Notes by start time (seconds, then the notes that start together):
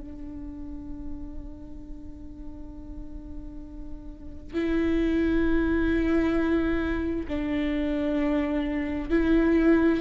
0.00 D4
4.53 E4
7.28 D4
9.10 E4